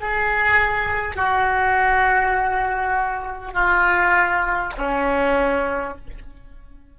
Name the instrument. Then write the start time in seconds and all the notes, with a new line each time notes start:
oboe
0.00 G#4
1.16 F#4
3.53 F4
4.77 C#4